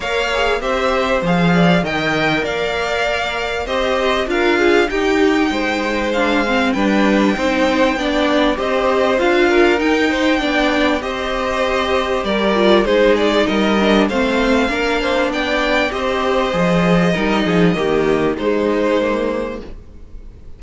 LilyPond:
<<
  \new Staff \with { instrumentName = "violin" } { \time 4/4 \tempo 4 = 98 f''4 e''4 f''4 g''4 | f''2 dis''4 f''4 | g''2 f''4 g''4~ | g''2 dis''4 f''4 |
g''2 dis''2 | d''4 c''8 d''8 dis''4 f''4~ | f''4 g''4 dis''2~ | dis''2 c''2 | }
  \new Staff \with { instrumentName = "violin" } { \time 4/4 cis''4 c''4. d''8 dis''4 | d''2 c''4 ais'8 gis'8 | g'4 c''2 b'4 | c''4 d''4 c''4. ais'8~ |
ais'8 c''8 d''4 c''2 | ais'4 gis'4 ais'4 c''4 | ais'8 c''8 d''4 c''2 | ais'8 gis'8 g'4 dis'2 | }
  \new Staff \with { instrumentName = "viola" } { \time 4/4 ais'8 gis'8 g'4 gis'4 ais'4~ | ais'2 g'4 f'4 | dis'2 d'8 c'8 d'4 | dis'4 d'4 g'4 f'4 |
dis'4 d'4 g'2~ | g'8 f'8 dis'4. d'8 c'4 | d'2 g'4 gis'4 | dis'4 ais4 gis4 ais4 | }
  \new Staff \with { instrumentName = "cello" } { \time 4/4 ais4 c'4 f4 dis4 | ais2 c'4 d'4 | dis'4 gis2 g4 | c'4 b4 c'4 d'4 |
dis'4 b4 c'2 | g4 gis4 g4 a4 | ais4 b4 c'4 f4 | g8 f8 dis4 gis2 | }
>>